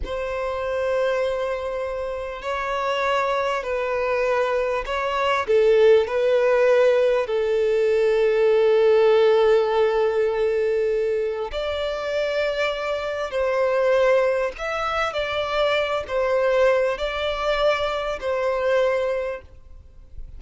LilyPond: \new Staff \with { instrumentName = "violin" } { \time 4/4 \tempo 4 = 99 c''1 | cis''2 b'2 | cis''4 a'4 b'2 | a'1~ |
a'2. d''4~ | d''2 c''2 | e''4 d''4. c''4. | d''2 c''2 | }